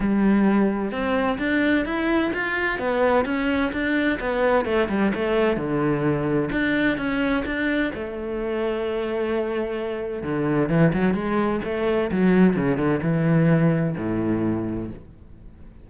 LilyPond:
\new Staff \with { instrumentName = "cello" } { \time 4/4 \tempo 4 = 129 g2 c'4 d'4 | e'4 f'4 b4 cis'4 | d'4 b4 a8 g8 a4 | d2 d'4 cis'4 |
d'4 a2.~ | a2 d4 e8 fis8 | gis4 a4 fis4 cis8 d8 | e2 a,2 | }